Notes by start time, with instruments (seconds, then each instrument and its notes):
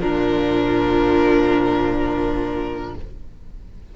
0.00 cello A#2, viola F3, violin D4 A#4